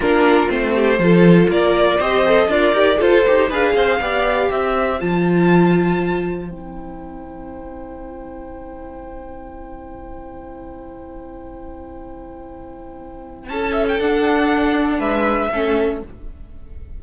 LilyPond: <<
  \new Staff \with { instrumentName = "violin" } { \time 4/4 \tempo 4 = 120 ais'4 c''2 d''4 | dis''4 d''4 c''4 f''4~ | f''4 e''4 a''2~ | a''4 g''2.~ |
g''1~ | g''1~ | g''2. a''8 e''16 g''16 | fis''2 e''2 | }
  \new Staff \with { instrumentName = "violin" } { \time 4/4 f'4. g'8 a'4 ais'4 | c''4 f'8 g'8 a'4 b'8 c''8 | d''4 c''2.~ | c''1~ |
c''1~ | c''1~ | c''2. a'4~ | a'2 b'4 a'4 | }
  \new Staff \with { instrumentName = "viola" } { \time 4/4 d'4 c'4 f'2 | g'8 a'8 ais'4 f'8 g'8 gis'4 | g'2 f'2~ | f'4 e'2.~ |
e'1~ | e'1~ | e'1 | d'2. cis'4 | }
  \new Staff \with { instrumentName = "cello" } { \time 4/4 ais4 a4 f4 ais4 | c'4 d'8 dis'8 f'8 dis'8 d'8 c'8 | b4 c'4 f2~ | f4 c'2.~ |
c'1~ | c'1~ | c'2. cis'4 | d'2 gis4 a4 | }
>>